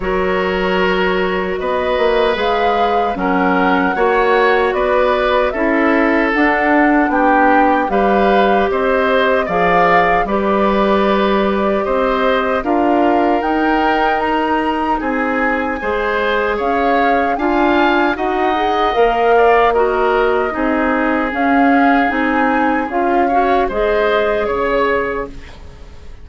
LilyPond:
<<
  \new Staff \with { instrumentName = "flute" } { \time 4/4 \tempo 4 = 76 cis''2 dis''4 f''4 | fis''2 d''4 e''4 | fis''4 g''4 f''4 dis''4 | f''4 d''2 dis''4 |
f''4 g''4 ais''4 gis''4~ | gis''4 f''4 gis''4 fis''4 | f''4 dis''2 f''4 | gis''4 f''4 dis''4 cis''4 | }
  \new Staff \with { instrumentName = "oboe" } { \time 4/4 ais'2 b'2 | ais'4 cis''4 b'4 a'4~ | a'4 g'4 b'4 c''4 | d''4 b'2 c''4 |
ais'2. gis'4 | c''4 cis''4 f''4 dis''4~ | dis''8 d''8 ais'4 gis'2~ | gis'4. cis''8 c''4 cis''4 | }
  \new Staff \with { instrumentName = "clarinet" } { \time 4/4 fis'2. gis'4 | cis'4 fis'2 e'4 | d'2 g'2 | gis'4 g'2. |
f'4 dis'2. | gis'2 f'4 fis'8 gis'8 | ais'4 fis'4 dis'4 cis'4 | dis'4 f'8 fis'8 gis'2 | }
  \new Staff \with { instrumentName = "bassoon" } { \time 4/4 fis2 b8 ais8 gis4 | fis4 ais4 b4 cis'4 | d'4 b4 g4 c'4 | f4 g2 c'4 |
d'4 dis'2 c'4 | gis4 cis'4 d'4 dis'4 | ais2 c'4 cis'4 | c'4 cis'4 gis4 cis4 | }
>>